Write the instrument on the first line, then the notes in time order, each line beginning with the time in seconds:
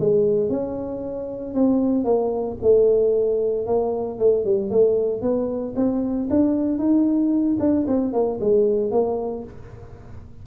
tuba
0.00 G#3
0.50 C#4
1.55 C4
2.05 A#3
2.62 A3
3.67 A#3
4.19 A3
4.45 G3
4.71 A3
5.22 B3
5.77 C4
6.30 D4
6.79 D#4
7.60 D4
7.88 C4
8.13 A#3
8.41 G#3
8.91 A#3